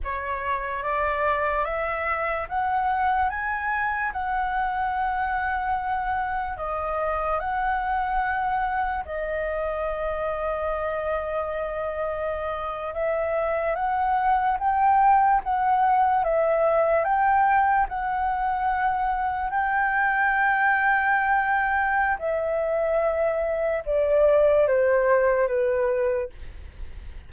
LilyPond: \new Staff \with { instrumentName = "flute" } { \time 4/4 \tempo 4 = 73 cis''4 d''4 e''4 fis''4 | gis''4 fis''2. | dis''4 fis''2 dis''4~ | dis''2.~ dis''8. e''16~ |
e''8. fis''4 g''4 fis''4 e''16~ | e''8. g''4 fis''2 g''16~ | g''2. e''4~ | e''4 d''4 c''4 b'4 | }